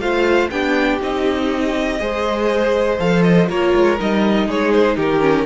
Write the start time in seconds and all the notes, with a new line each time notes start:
0.00 A3 F4 C5 F5
0.50 B3 D4 G4 G5
1.01 C4 D#4 D#5
1.99 G#3 G#4 C5
3.00 F3 A4 F5
3.22 D#5
3.48 A#3 F4 A#4 C#5
3.75 G#3
3.98 G3 D#4 D#5
4.47 G#3 G#4 C#5
4.73 C5
4.96 D#3 G4 A#4
5.20 C#4